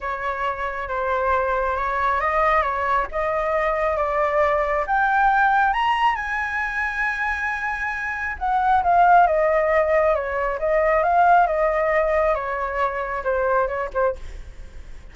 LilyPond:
\new Staff \with { instrumentName = "flute" } { \time 4/4 \tempo 4 = 136 cis''2 c''2 | cis''4 dis''4 cis''4 dis''4~ | dis''4 d''2 g''4~ | g''4 ais''4 gis''2~ |
gis''2. fis''4 | f''4 dis''2 cis''4 | dis''4 f''4 dis''2 | cis''2 c''4 cis''8 c''8 | }